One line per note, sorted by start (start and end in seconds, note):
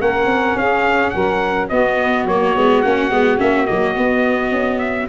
0.00 0.26 A#3
0.00 1.70 C#4
0.00 0.58 A#4
0.00 0.58 F#5
0.26 0.54 C4
0.56 1.12 C#4
0.56 1.14 G#4
0.56 1.10 F5
1.10 1.70 F#3
1.10 1.69 A#4
1.10 1.67 F#5
1.69 2.25 B3
1.69 2.28 B3
1.69 5.08 F#4
1.69 2.25 D#5
2.25 2.53 F#3
2.25 2.55 A#3
2.25 2.82 C#5
2.55 2.84 G#3
2.55 2.83 B3
2.82 3.10 A#3
2.82 3.11 C#4
2.82 3.38 F#5
3.10 3.39 G#3
3.10 3.38 B3
3.38 3.69 A#3
3.38 3.66 C#4
3.38 3.66 E5
3.66 3.97 F#3
3.66 3.95 A#3
3.66 4.79 D#5
3.95 5.08 B3
3.95 4.51 B3
4.51 5.08 C#4
4.79 5.07 E5